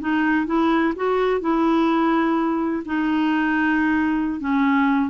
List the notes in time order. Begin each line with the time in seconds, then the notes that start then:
0.00 D#4
0.46 E4
0.95 F#4
1.40 E4
2.85 D#4
4.40 C#4